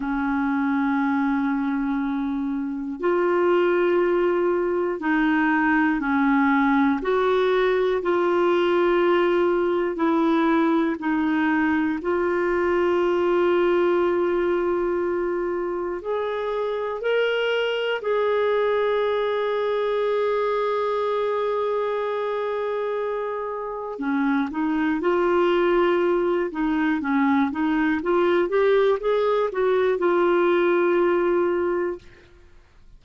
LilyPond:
\new Staff \with { instrumentName = "clarinet" } { \time 4/4 \tempo 4 = 60 cis'2. f'4~ | f'4 dis'4 cis'4 fis'4 | f'2 e'4 dis'4 | f'1 |
gis'4 ais'4 gis'2~ | gis'1 | cis'8 dis'8 f'4. dis'8 cis'8 dis'8 | f'8 g'8 gis'8 fis'8 f'2 | }